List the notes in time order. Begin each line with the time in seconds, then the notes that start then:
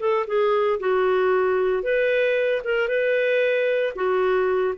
0.00 A4
0.27 G#4
0.80 F#4
1.83 B4
2.64 A#4
2.89 B4
3.96 F#4